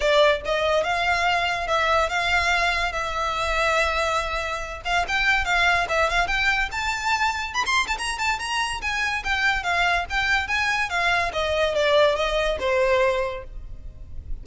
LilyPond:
\new Staff \with { instrumentName = "violin" } { \time 4/4 \tempo 4 = 143 d''4 dis''4 f''2 | e''4 f''2 e''4~ | e''2.~ e''8 f''8 | g''4 f''4 e''8 f''8 g''4 |
a''2 b''16 c'''8 a''16 ais''8 a''8 | ais''4 gis''4 g''4 f''4 | g''4 gis''4 f''4 dis''4 | d''4 dis''4 c''2 | }